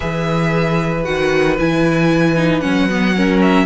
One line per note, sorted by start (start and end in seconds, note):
0.00 1.06 E3
0.00 1.04 G#4
0.00 3.13 B4
0.00 1.04 E5
1.04 1.59 D#3
1.04 1.56 F#4
1.04 1.56 F#5
1.58 2.63 E3
1.58 2.36 E4
1.58 2.60 G#5
2.36 2.61 D#4
2.60 3.66 F#3
2.60 2.87 C#4
2.60 3.39 F#5
2.89 3.16 B3
3.16 3.66 C#4
3.16 3.66 A#4
3.41 3.66 E5